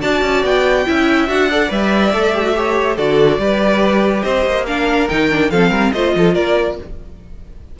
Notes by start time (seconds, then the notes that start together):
0.00 D4 F#4 D5 A5
0.21 C#4
0.43 B3 G5
0.86 C#4 E4 E5
1.27 D4 F#4 F#5
1.50 A4 D5
1.68 G3 B4 E5
2.13 A3 A4
2.34 G4
2.42 F#4
2.54 G4 C#5
2.95 D3 F#4 A4 D5
3.38 G3 G4 B4
4.22 C4 C5 D#5
4.45 A#3
4.66 D4 A#4 F5
5.08 D#3 D#4 G5
5.30 D4
5.50 F3 C4 A4 F5
5.70 G3 A#4
5.92 A3 F4 C5 D#5
6.15 F3 A4
6.34 A#3 A#4 D5